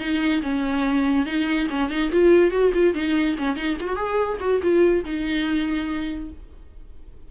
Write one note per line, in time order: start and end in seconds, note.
0.00 0.42 D#4
0.43 1.26 C#4
1.26 1.68 D#4
1.70 1.90 C#4
1.90 2.11 D#4
2.12 2.52 F4
2.52 2.73 F#4
2.74 2.95 F4
2.95 3.37 D#4
3.39 3.57 C#4
3.57 3.78 D#4
3.81 3.88 F4
3.88 3.96 F#4
3.96 4.38 G#4
4.41 4.62 F#4
4.63 5.05 F4
5.05 6.31 D#4